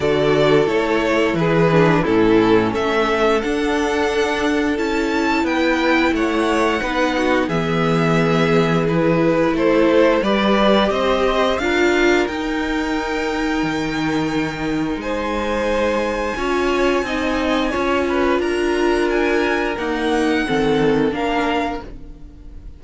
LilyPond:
<<
  \new Staff \with { instrumentName = "violin" } { \time 4/4 \tempo 4 = 88 d''4 cis''4 b'4 a'4 | e''4 fis''2 a''4 | g''4 fis''2 e''4~ | e''4 b'4 c''4 d''4 |
dis''4 f''4 g''2~ | g''2 gis''2~ | gis''2. ais''4 | gis''4 fis''2 f''4 | }
  \new Staff \with { instrumentName = "violin" } { \time 4/4 a'2 gis'4 e'4 | a'1 | b'4 cis''4 b'8 fis'8 gis'4~ | gis'2 a'4 b'4 |
c''4 ais'2.~ | ais'2 c''2 | cis''4 dis''4 cis''8 b'8 ais'4~ | ais'2 a'4 ais'4 | }
  \new Staff \with { instrumentName = "viola" } { \time 4/4 fis'4 e'4. d'8 cis'4~ | cis'4 d'2 e'4~ | e'2 dis'4 b4~ | b4 e'2 g'4~ |
g'4 f'4 dis'2~ | dis'1 | f'4 dis'4 f'2~ | f'4 ais4 c'4 d'4 | }
  \new Staff \with { instrumentName = "cello" } { \time 4/4 d4 a4 e4 a,4 | a4 d'2 cis'4 | b4 a4 b4 e4~ | e2 a4 g4 |
c'4 d'4 dis'2 | dis2 gis2 | cis'4 c'4 cis'4 d'4~ | d'4 dis'4 dis4 ais4 | }
>>